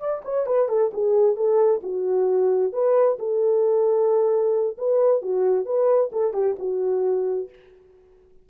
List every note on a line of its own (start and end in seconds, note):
0.00 0.23 D5
0.25 0.47 C#5
0.47 0.69 B4
0.69 0.91 A4
0.94 1.36 G#4
1.36 1.81 A4
1.83 2.73 F#4
2.73 3.18 B4
3.19 4.77 A4
4.78 5.22 B4
5.22 5.66 F#4
5.66 6.11 B4
6.13 6.34 A4
6.34 6.56 G4
6.59 7.49 F#4